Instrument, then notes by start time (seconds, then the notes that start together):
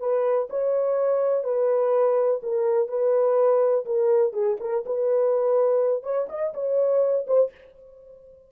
horn
0.00 B4
0.50 C#5
1.44 B4
2.43 A#4
2.89 B4
3.86 A#4
4.33 G#4
4.61 A#4
4.86 B4
6.03 C#5
6.29 D#5
6.54 C#5
7.27 C5